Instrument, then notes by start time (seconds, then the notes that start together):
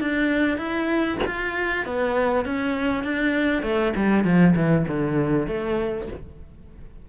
cello
0.00 D4
0.57 E4
1.26 F4
1.85 B3
2.45 C#4
3.03 D4
3.62 A3
3.96 G3
4.24 F3
4.55 E3
4.87 D3
5.47 A3